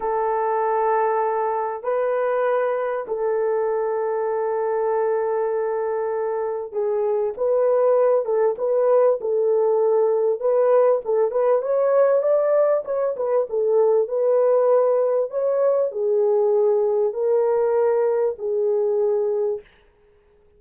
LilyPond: \new Staff \with { instrumentName = "horn" } { \time 4/4 \tempo 4 = 98 a'2. b'4~ | b'4 a'2.~ | a'2. gis'4 | b'4. a'8 b'4 a'4~ |
a'4 b'4 a'8 b'8 cis''4 | d''4 cis''8 b'8 a'4 b'4~ | b'4 cis''4 gis'2 | ais'2 gis'2 | }